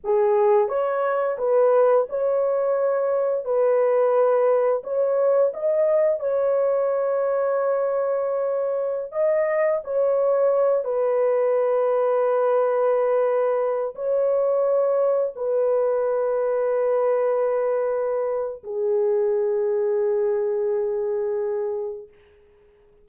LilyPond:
\new Staff \with { instrumentName = "horn" } { \time 4/4 \tempo 4 = 87 gis'4 cis''4 b'4 cis''4~ | cis''4 b'2 cis''4 | dis''4 cis''2.~ | cis''4~ cis''16 dis''4 cis''4. b'16~ |
b'1~ | b'16 cis''2 b'4.~ b'16~ | b'2. gis'4~ | gis'1 | }